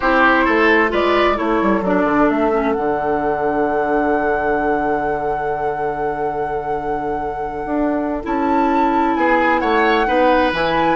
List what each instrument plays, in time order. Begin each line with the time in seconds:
0.00 bassoon C4, clarinet E4, oboe G4, flute C5
0.44 bassoon A3, oboe A4
0.89 bassoon G#3, clarinet F4, oboe B4, flute D5
1.35 bassoon A3, clarinet E4, oboe A4, flute C#5
1.62 bassoon G3
1.81 bassoon F#3, clarinet D4, flute D5
2.04 bassoon D3
2.29 bassoon A3, flute E5
2.52 clarinet C#4
2.72 bassoon D3, clarinet D4, flute F#5
7.65 bassoon D4
8.23 bassoon C#4, clarinet E4, flute A5
9.15 bassoon B3, oboe G#4, flute G#5
9.59 bassoon A3, oboe C#5, flute F#5
10.06 bassoon B3, clarinet D#4, oboe B4
10.52 bassoon E3, clarinet E4, flute G#5